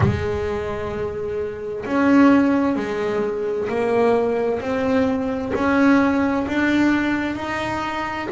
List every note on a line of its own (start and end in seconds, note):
0.00 1.84 G#3
1.85 2.76 C#4
2.76 3.68 G#3
3.68 4.60 A#3
4.60 5.52 C4
5.54 6.46 C#4
6.47 7.36 D4
7.36 8.28 D#4